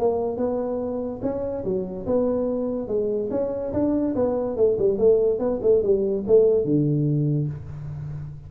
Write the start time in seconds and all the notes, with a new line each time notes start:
0.00 A#3
0.38 B3
1.23 C#4
1.65 F#3
2.06 B3
2.88 G#3
3.31 C#4
3.74 D4
4.16 B3
4.57 A3
4.79 G3
4.99 A3
5.39 B3
5.63 A3
5.83 G3
6.27 A3
6.65 D3